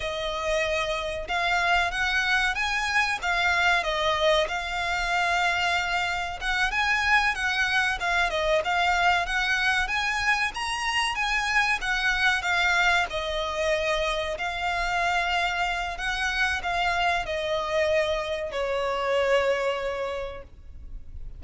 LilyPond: \new Staff \with { instrumentName = "violin" } { \time 4/4 \tempo 4 = 94 dis''2 f''4 fis''4 | gis''4 f''4 dis''4 f''4~ | f''2 fis''8 gis''4 fis''8~ | fis''8 f''8 dis''8 f''4 fis''4 gis''8~ |
gis''8 ais''4 gis''4 fis''4 f''8~ | f''8 dis''2 f''4.~ | f''4 fis''4 f''4 dis''4~ | dis''4 cis''2. | }